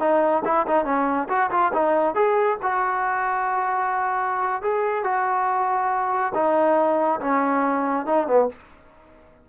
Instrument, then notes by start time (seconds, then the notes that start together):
trombone
0.00 D#4
0.45 E4
0.68 D#4
0.85 C#4
1.29 F#4
1.51 F4
1.73 D#4
2.15 G#4
2.63 F#4
4.62 G#4
5.04 F#4
6.34 D#4
7.21 C#4
8.06 D#4
8.27 B3